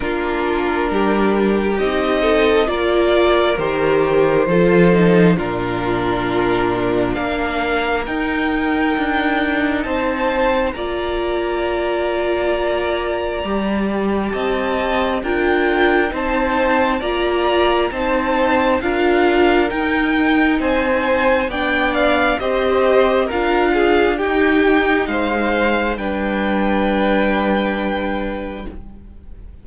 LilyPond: <<
  \new Staff \with { instrumentName = "violin" } { \time 4/4 \tempo 4 = 67 ais'2 dis''4 d''4 | c''2 ais'2 | f''4 g''2 a''4 | ais''1 |
a''4 g''4 a''4 ais''4 | a''4 f''4 g''4 gis''4 | g''8 f''8 dis''4 f''4 g''4 | f''4 g''2. | }
  \new Staff \with { instrumentName = "violin" } { \time 4/4 f'4 g'4. a'8 ais'4~ | ais'4 a'4 f'2 | ais'2. c''4 | d''1 |
dis''4 ais'4 c''4 d''4 | c''4 ais'2 c''4 | d''4 c''4 ais'8 gis'8 g'4 | c''4 b'2. | }
  \new Staff \with { instrumentName = "viola" } { \time 4/4 d'2 dis'4 f'4 | g'4 f'8 dis'8 d'2~ | d'4 dis'2. | f'2. g'4~ |
g'4 f'4 dis'4 f'4 | dis'4 f'4 dis'2 | d'4 g'4 f'4 dis'4~ | dis'4 d'2. | }
  \new Staff \with { instrumentName = "cello" } { \time 4/4 ais4 g4 c'4 ais4 | dis4 f4 ais,2 | ais4 dis'4 d'4 c'4 | ais2. g4 |
c'4 d'4 c'4 ais4 | c'4 d'4 dis'4 c'4 | b4 c'4 d'4 dis'4 | gis4 g2. | }
>>